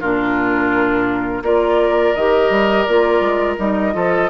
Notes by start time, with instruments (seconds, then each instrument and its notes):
0.00 bassoon A#2, clarinet D4, oboe F4, flute A#4
1.42 bassoon A#3, clarinet F4, oboe A#4, flute D5
2.15 bassoon D#3, clarinet G4, flute D#5
2.50 bassoon G3
2.83 bassoon A#3, clarinet F4, flute D5
3.20 bassoon G#3
3.58 bassoon G3, clarinet D#4, flute D#5
3.92 bassoon F3, clarinet F4, oboe A4